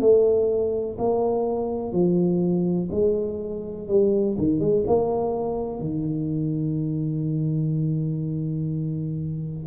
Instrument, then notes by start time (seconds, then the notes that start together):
tuba
0.00 A3
0.98 A#3
1.92 F3
2.91 G#3
3.88 G3
4.38 D#3
4.60 G#3
4.87 A#3
5.79 D#3